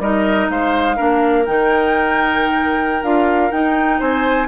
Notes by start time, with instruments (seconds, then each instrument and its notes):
0.00 bassoon G3, clarinet D#4, oboe A#4, flute D#5
0.50 bassoon G#3, oboe C5, flute F5
0.97 bassoon A#3, clarinet D4, oboe A#4
1.46 bassoon D#3, clarinet D#4, flute G5
3.03 bassoon D4, clarinet F4, flute F5
3.52 clarinet D#4, bassoon D#4, flute G5
4.00 bassoon C4, oboe C5, flute G#5